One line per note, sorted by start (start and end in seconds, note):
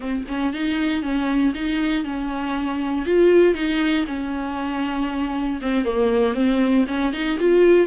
0.00 0.24 C4
0.28 0.53 C#4
0.53 1.02 D#4
1.02 1.53 C#4
1.54 2.04 D#4
2.04 3.05 C#4
3.05 3.54 F4
3.54 4.05 D#4
4.07 5.59 C#4
5.61 5.85 C4
5.85 6.34 A#3
6.34 6.85 C4
6.87 7.13 C#4
7.13 7.38 D#4
7.39 7.87 F4